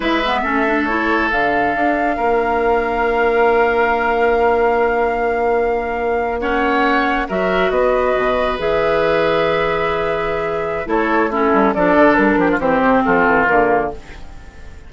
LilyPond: <<
  \new Staff \with { instrumentName = "flute" } { \time 4/4 \tempo 4 = 138 e''2 cis''4 f''4~ | f''1~ | f''1~ | f''2~ f''8. fis''4~ fis''16~ |
fis''8. e''4 dis''2 e''16~ | e''1~ | e''4 cis''4 a'4 d''4 | ais'4 c''4 a'4 ais'4 | }
  \new Staff \with { instrumentName = "oboe" } { \time 4/4 b'4 a'2.~ | a'4 ais'2.~ | ais'1~ | ais'2~ ais'8. cis''4~ cis''16~ |
cis''8. ais'4 b'2~ b'16~ | b'1~ | b'4 a'4 e'4 a'4~ | a'8 g'16 f'16 g'4 f'2 | }
  \new Staff \with { instrumentName = "clarinet" } { \time 4/4 e'8 b8 cis'8 d'8 e'4 d'4~ | d'1~ | d'1~ | d'2~ d'8. cis'4~ cis'16~ |
cis'8. fis'2. gis'16~ | gis'1~ | gis'4 e'4 cis'4 d'4~ | d'4 c'2 ais4 | }
  \new Staff \with { instrumentName = "bassoon" } { \time 4/4 gis4 a2 d4 | d'4 ais2.~ | ais1~ | ais1~ |
ais8. fis4 b4 b,4 e16~ | e1~ | e4 a4. g8 f8 d8 | g8 f8 e8 c8 f8 e8 d4 | }
>>